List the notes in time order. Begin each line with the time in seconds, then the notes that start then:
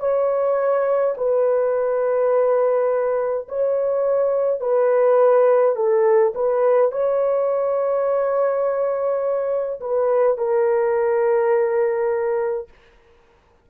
0.00 C#5
1.17 B4
3.49 C#5
4.61 B4
5.76 A4
6.35 B4
6.92 C#5
9.81 B4
10.38 A#4